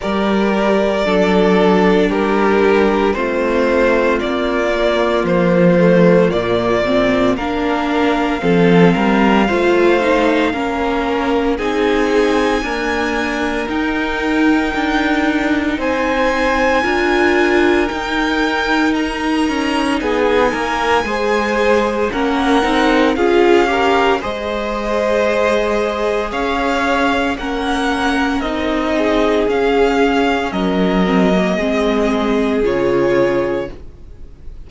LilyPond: <<
  \new Staff \with { instrumentName = "violin" } { \time 4/4 \tempo 4 = 57 d''2 ais'4 c''4 | d''4 c''4 d''4 f''4~ | f''2. gis''4~ | gis''4 g''2 gis''4~ |
gis''4 g''4 ais''4 gis''4~ | gis''4 fis''4 f''4 dis''4~ | dis''4 f''4 fis''4 dis''4 | f''4 dis''2 cis''4 | }
  \new Staff \with { instrumentName = "violin" } { \time 4/4 ais'4 a'4 g'4 f'4~ | f'2. ais'4 | a'8 ais'8 c''4 ais'4 gis'4 | ais'2. c''4 |
ais'2. gis'8 ais'8 | c''4 ais'4 gis'8 ais'8 c''4~ | c''4 cis''4 ais'4. gis'8~ | gis'4 ais'4 gis'2 | }
  \new Staff \with { instrumentName = "viola" } { \time 4/4 g'4 d'2 c'4~ | c'8 ais4 a8 ais8 c'8 d'4 | c'4 f'8 dis'8 cis'4 dis'4 | ais4 dis'2. |
f'4 dis'2. | gis'4 cis'8 dis'8 f'8 g'8 gis'4~ | gis'2 cis'4 dis'4 | cis'4. c'16 ais16 c'4 f'4 | }
  \new Staff \with { instrumentName = "cello" } { \time 4/4 g4 fis4 g4 a4 | ais4 f4 ais,4 ais4 | f8 g8 a4 ais4 c'4 | d'4 dis'4 d'4 c'4 |
d'4 dis'4. cis'8 b8 ais8 | gis4 ais8 c'8 cis'4 gis4~ | gis4 cis'4 ais4 c'4 | cis'4 fis4 gis4 cis4 | }
>>